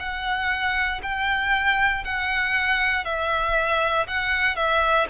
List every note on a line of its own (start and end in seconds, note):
0.00 1.02 F#5
1.03 2.04 G5
2.05 3.05 F#5
3.05 4.07 E5
4.08 4.56 F#5
4.56 5.07 E5